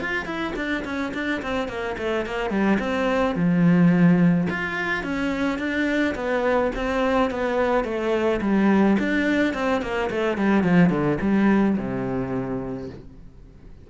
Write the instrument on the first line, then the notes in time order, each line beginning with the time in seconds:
cello
0.00 F4
0.25 E4
0.56 D4
0.84 C#4
1.14 D4
1.42 C4
1.68 A#3
1.98 A3
2.26 A#3
2.50 G3
2.79 C4
3.35 F3
4.50 F4
5.03 C#4
5.59 D4
6.15 B3
6.75 C4
7.30 B3
7.84 A3
8.41 G3
8.99 D4
9.54 C4
9.82 A#3
10.10 A3
10.37 G3
10.63 F3
10.90 D3
11.21 G3
11.77 C3